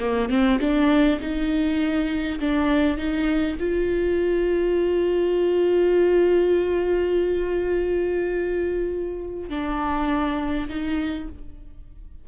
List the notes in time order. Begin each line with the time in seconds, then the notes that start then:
0.00 A#3
0.29 C4
0.60 D4
1.21 D#4
2.40 D4
2.98 D#4
3.60 F4
9.50 D4
10.69 D#4